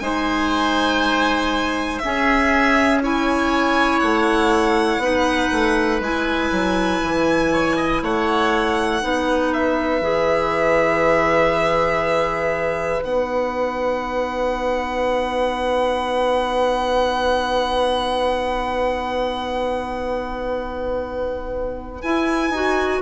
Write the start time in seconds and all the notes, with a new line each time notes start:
0.00 G#3 D#4 C5 G#5
1.99 C#4 E5
2.05 G#4
3.03 E4 C#5 G#5
4.00 A3 F#5
4.98 B3 D#4 B4
5.53 A3
6.00 G#3 E4 G#5
6.52 F#3
7.04 E3
7.53 C#5
7.77 D#5
8.03 A3 C#5 F#5
9.02 B3 D#4 B4
9.54 E5
10.01 E3 G#4
13.00 B3 D#4 F#5
22.02 E4 G#5
22.50 D#4 F#4